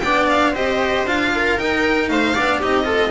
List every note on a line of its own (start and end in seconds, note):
0.00 0.54 B3
0.00 0.55 D4
0.00 0.51 D5
0.00 0.26 G5
0.29 0.55 F5
0.51 1.05 C4
0.51 1.07 G4
0.51 1.29 C5
0.51 1.07 D#5
1.05 1.57 D4
1.05 1.59 F4
1.05 1.58 F5
1.35 2.12 A#4
1.58 2.36 D#4
1.58 2.10 D#4
1.58 2.09 G5
2.09 2.35 A3
2.09 2.35 C5
2.09 2.61 F5
2.35 2.62 B3
2.35 2.62 D4
2.35 2.59 D5
2.59 3.11 C4
2.59 2.84 D#4
2.59 2.85 G4
2.59 3.11 D#5
2.84 3.10 F4
2.84 3.11 A4